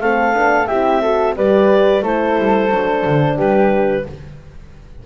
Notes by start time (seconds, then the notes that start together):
0.00 A3 C4 A4 F5
0.33 B3 D4
0.66 C4 E4 G4 E5
1.01 F#4 A4
1.36 G3 G4 B4 D5
2.02 A3 E4 A4 C5
2.38 G3
2.71 F#3 D4
3.06 D3
3.37 G3 G4 B4